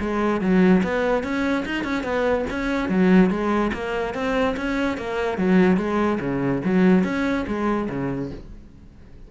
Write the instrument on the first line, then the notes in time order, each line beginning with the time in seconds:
cello
0.00 G#3
0.41 F#3
0.83 B3
1.23 C#4
1.65 D#4
1.83 C#4
2.03 B3
2.50 C#4
2.89 F#3
3.30 G#3
3.73 A#3
4.14 C4
4.56 C#4
4.97 A#3
5.38 F#3
5.77 G#3
6.20 C#3
6.64 F#3
7.03 C#4
7.47 G#3
7.89 C#3